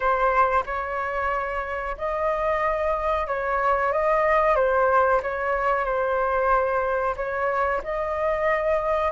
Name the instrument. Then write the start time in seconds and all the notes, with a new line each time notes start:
flute
0.00 C5
0.66 C#5
1.97 D#5
3.27 C#5
3.92 D#5
4.55 C5
5.22 C#5
5.84 C5
7.16 C#5
7.83 D#5